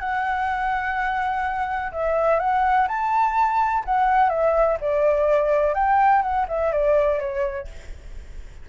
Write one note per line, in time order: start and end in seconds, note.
0.00 1.92 F#5
1.92 2.40 E5
2.40 2.88 F#5
2.88 3.84 A5
3.86 4.30 F#5
4.30 4.78 E5
4.81 5.75 D5
5.75 6.22 G5
6.22 6.46 F#5
6.49 6.73 E5
6.73 7.20 D5
7.20 7.68 C#5